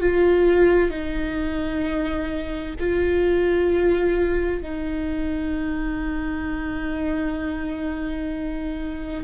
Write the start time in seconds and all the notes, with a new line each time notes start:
0.00 F4
0.90 D#4
2.79 F4
4.62 D#4